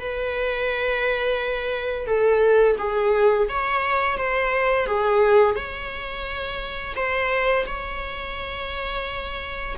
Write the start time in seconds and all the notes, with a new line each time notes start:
0.00 B4
2.06 A4
2.78 G#4
3.49 C#5
4.17 C5
4.86 G#4
5.55 C#5
6.96 C5
7.66 C#5